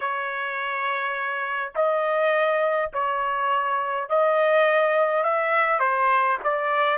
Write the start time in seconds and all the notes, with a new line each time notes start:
0.00 C#5
1.75 D#5
2.93 C#5
4.09 D#5
5.23 E5
5.79 C5
6.43 D5